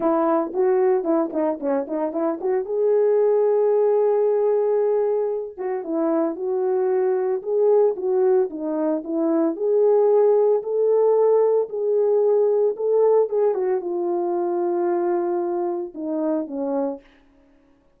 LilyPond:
\new Staff \with { instrumentName = "horn" } { \time 4/4 \tempo 4 = 113 e'4 fis'4 e'8 dis'8 cis'8 dis'8 | e'8 fis'8 gis'2.~ | gis'2~ gis'8 fis'8 e'4 | fis'2 gis'4 fis'4 |
dis'4 e'4 gis'2 | a'2 gis'2 | a'4 gis'8 fis'8 f'2~ | f'2 dis'4 cis'4 | }